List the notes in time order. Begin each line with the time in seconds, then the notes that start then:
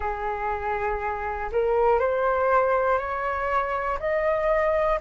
0.00 G#4
1.51 A#4
1.99 C5
2.98 C#5
4.00 D#5